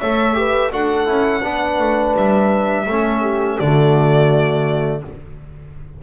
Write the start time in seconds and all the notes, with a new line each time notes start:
0.00 A3 A4 C#5 E5
0.34 G4 B4
0.71 D4 F#4 A4 F#5
1.06 C#4 E4
1.42 B3 D4 B4
1.79 A3
2.16 G3 E5
2.86 A3 C#4 A4
3.22 G4
3.60 D3 A3 F#4 D5